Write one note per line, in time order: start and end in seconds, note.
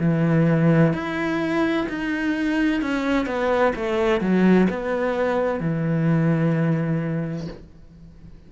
0.00 0.93 E3
0.93 1.87 E4
1.89 2.82 D#4
2.82 3.26 C#4
3.26 3.73 B3
3.76 4.21 A3
4.21 4.68 F#3
4.70 5.60 B3
5.60 7.48 E3